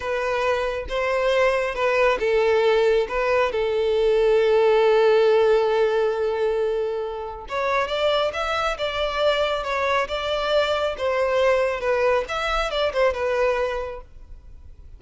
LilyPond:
\new Staff \with { instrumentName = "violin" } { \time 4/4 \tempo 4 = 137 b'2 c''2 | b'4 a'2 b'4 | a'1~ | a'1~ |
a'4 cis''4 d''4 e''4 | d''2 cis''4 d''4~ | d''4 c''2 b'4 | e''4 d''8 c''8 b'2 | }